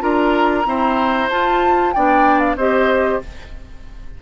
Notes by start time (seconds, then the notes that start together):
0.00 D4 F4 A#4 A#5
0.65 C4 E4 C5
1.30 F4 A5
1.93 B3 D4 D5 G5
2.40 F5
2.56 C4 G4 C5 D#5